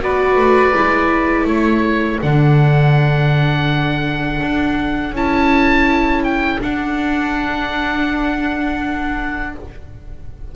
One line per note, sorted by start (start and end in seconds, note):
0.00 0.36 B3
0.00 0.73 F#4
0.00 1.48 B4
0.00 1.47 D5
0.36 0.72 A3
0.74 1.45 G#3
0.74 2.21 E4
1.45 2.18 A3
1.45 9.53 A4
1.45 2.20 C#5
2.22 4.41 D3
2.22 5.15 D4
2.22 5.15 F#5
4.41 5.11 D4
5.11 6.58 C#4
5.11 6.60 E4
5.11 6.23 A5
6.23 6.60 G5
6.60 9.53 D4
6.60 9.55 D4
6.60 9.54 F#5